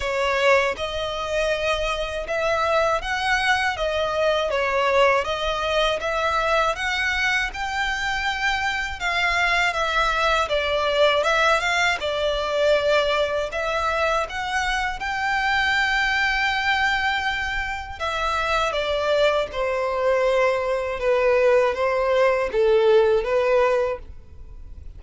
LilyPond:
\new Staff \with { instrumentName = "violin" } { \time 4/4 \tempo 4 = 80 cis''4 dis''2 e''4 | fis''4 dis''4 cis''4 dis''4 | e''4 fis''4 g''2 | f''4 e''4 d''4 e''8 f''8 |
d''2 e''4 fis''4 | g''1 | e''4 d''4 c''2 | b'4 c''4 a'4 b'4 | }